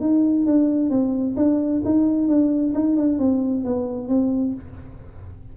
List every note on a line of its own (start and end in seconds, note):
0.00 0.45 D#4
0.46 0.90 D4
0.90 1.35 C4
1.36 1.82 D4
1.85 2.27 D#4
2.27 2.73 D4
2.74 2.96 D#4
2.96 3.18 D4
3.18 3.64 C4
3.64 4.08 B3
4.08 4.53 C4